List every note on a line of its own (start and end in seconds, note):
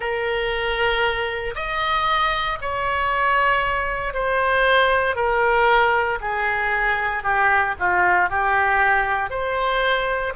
0.00 1.54 A#4
1.55 2.58 D#5
2.61 4.13 C#5
4.13 5.15 C5
5.15 6.18 A#4
6.20 7.23 G#4
7.23 7.74 G4
7.79 8.29 F4
8.29 9.30 G4
9.30 10.33 C5